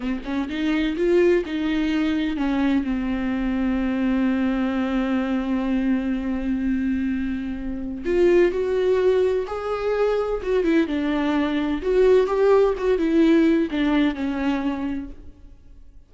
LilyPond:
\new Staff \with { instrumentName = "viola" } { \time 4/4 \tempo 4 = 127 c'8 cis'8 dis'4 f'4 dis'4~ | dis'4 cis'4 c'2~ | c'1~ | c'1~ |
c'4 f'4 fis'2 | gis'2 fis'8 e'8 d'4~ | d'4 fis'4 g'4 fis'8 e'8~ | e'4 d'4 cis'2 | }